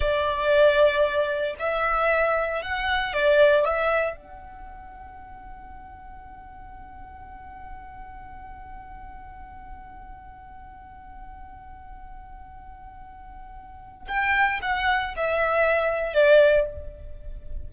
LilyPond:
\new Staff \with { instrumentName = "violin" } { \time 4/4 \tempo 4 = 115 d''2. e''4~ | e''4 fis''4 d''4 e''4 | fis''1~ | fis''1~ |
fis''1~ | fis''1~ | fis''2. g''4 | fis''4 e''2 d''4 | }